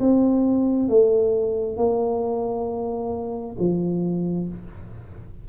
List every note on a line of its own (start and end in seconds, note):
0.00 0.89 C4
0.89 1.77 A3
1.77 3.57 A#3
3.59 4.49 F3